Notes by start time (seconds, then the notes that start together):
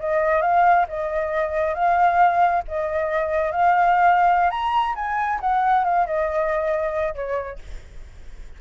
0.00 D#5
0.42 F5
0.89 D#5
1.75 F5
2.69 D#5
3.52 F5
4.51 A#5
4.96 G#5
5.41 F#5
5.85 F5
6.07 D#5
7.15 C#5